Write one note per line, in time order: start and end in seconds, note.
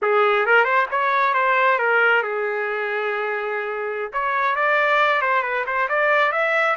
0.01 0.45 G#4
0.45 0.64 A#4
0.64 0.86 C5
0.90 1.34 C#5
1.34 1.78 C5
1.78 2.22 A#4
2.22 4.11 G#4
4.13 4.55 C#5
4.55 5.21 D5
5.21 5.42 C5
5.42 5.64 B4
5.66 5.88 C5
5.88 6.32 D5
6.32 6.76 E5